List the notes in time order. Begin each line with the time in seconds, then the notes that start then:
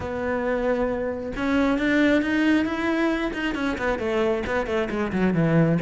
0.00 B3
1.36 C#4
1.78 D4
2.22 D#4
2.65 E4
3.33 D#4
3.54 C#4
3.77 B3
3.98 A3
4.46 B3
4.66 A3
4.89 G#3
5.12 F#3
5.34 E3